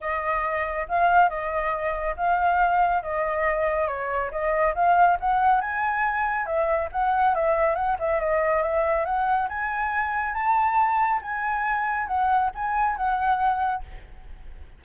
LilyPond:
\new Staff \with { instrumentName = "flute" } { \time 4/4 \tempo 4 = 139 dis''2 f''4 dis''4~ | dis''4 f''2 dis''4~ | dis''4 cis''4 dis''4 f''4 | fis''4 gis''2 e''4 |
fis''4 e''4 fis''8 e''8 dis''4 | e''4 fis''4 gis''2 | a''2 gis''2 | fis''4 gis''4 fis''2 | }